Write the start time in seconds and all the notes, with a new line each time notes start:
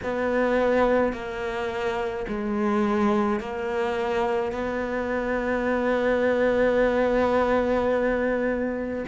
0.03 B3
1.12 A#3
2.27 G#3
3.40 A#3
4.51 B3